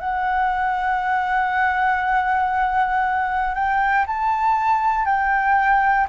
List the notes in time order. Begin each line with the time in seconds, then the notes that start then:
0.00 F#5
3.55 G5
4.07 A5
5.06 G5